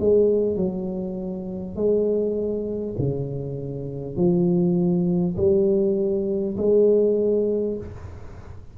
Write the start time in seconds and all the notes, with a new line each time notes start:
0.00 G#3
0.56 F#3
1.76 G#3
2.98 C#3
4.16 F3
5.37 G3
6.57 G#3